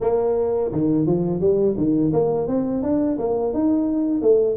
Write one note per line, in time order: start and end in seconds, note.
0.00 0.71 A#3
0.72 1.06 D#3
1.06 1.40 F3
1.40 1.76 G3
1.77 2.12 D#3
2.12 2.47 A#3
2.47 2.82 C4
2.82 3.18 D4
3.18 3.53 A#3
3.53 4.21 D#4
4.21 4.57 A3